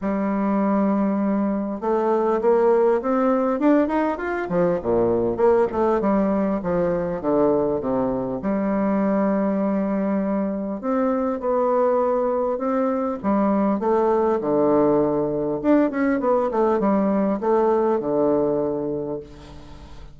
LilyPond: \new Staff \with { instrumentName = "bassoon" } { \time 4/4 \tempo 4 = 100 g2. a4 | ais4 c'4 d'8 dis'8 f'8 f8 | ais,4 ais8 a8 g4 f4 | d4 c4 g2~ |
g2 c'4 b4~ | b4 c'4 g4 a4 | d2 d'8 cis'8 b8 a8 | g4 a4 d2 | }